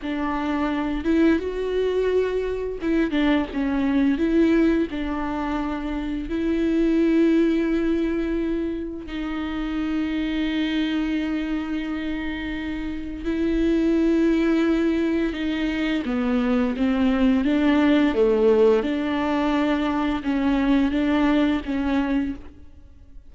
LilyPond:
\new Staff \with { instrumentName = "viola" } { \time 4/4 \tempo 4 = 86 d'4. e'8 fis'2 | e'8 d'8 cis'4 e'4 d'4~ | d'4 e'2.~ | e'4 dis'2.~ |
dis'2. e'4~ | e'2 dis'4 b4 | c'4 d'4 a4 d'4~ | d'4 cis'4 d'4 cis'4 | }